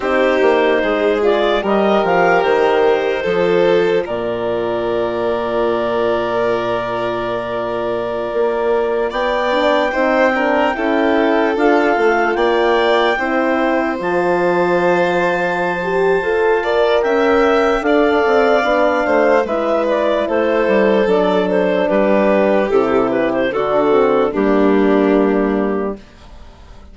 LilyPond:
<<
  \new Staff \with { instrumentName = "clarinet" } { \time 4/4 \tempo 4 = 74 c''4. d''8 dis''8 f''8 c''4~ | c''4 d''2.~ | d''2.~ d''16 g''8.~ | g''2~ g''16 f''4 g''8.~ |
g''4~ g''16 a''2~ a''8.~ | a''4 g''4 f''2 | e''8 d''8 c''4 d''8 c''8 b'4 | a'8 b'16 c''16 a'4 g'2 | }
  \new Staff \with { instrumentName = "violin" } { \time 4/4 g'4 gis'4 ais'2 | a'4 ais'2.~ | ais'2.~ ais'16 d''8.~ | d''16 c''8 ais'8 a'2 d''8.~ |
d''16 c''2.~ c''8.~ | c''8 d''8 e''4 d''4. c''8 | b'4 a'2 g'4~ | g'4 fis'4 d'2 | }
  \new Staff \with { instrumentName = "horn" } { \time 4/4 dis'4. f'8 g'2 | f'1~ | f'2.~ f'8. d'16~ | d'16 dis'8 d'8 e'4 f'4.~ f'16~ |
f'16 e'4 f'2~ f'16 g'8 | a'8 ais'4. a'4 d'4 | e'2 d'2 | e'4 d'8 c'8 ais2 | }
  \new Staff \with { instrumentName = "bassoon" } { \time 4/4 c'8 ais8 gis4 g8 f8 dis4 | f4 ais,2.~ | ais,2~ ais,16 ais4 b8.~ | b16 c'4 cis'4 d'8 a8 ais8.~ |
ais16 c'4 f2~ f8. | f'4 cis'4 d'8 c'8 b8 a8 | gis4 a8 g8 fis4 g4 | c4 d4 g2 | }
>>